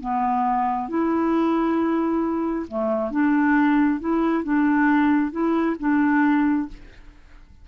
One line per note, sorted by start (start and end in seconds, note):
0.00 0.88 B3
0.88 2.66 E4
2.67 3.11 A3
3.11 3.99 D4
3.99 4.43 E4
4.43 5.31 D4
5.31 5.76 E4
5.79 6.68 D4